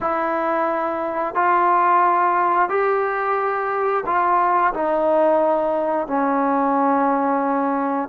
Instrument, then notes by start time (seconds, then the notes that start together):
trombone
0.00 E4
1.35 F4
2.69 G4
4.05 F4
4.73 D#4
6.07 C#4